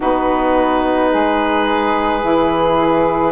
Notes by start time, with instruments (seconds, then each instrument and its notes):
0.00 bassoon B3, saxophone D#4 F#4, oboe B4
1.11 bassoon G#3, saxophone G#4
2.20 bassoon E3, saxophone E4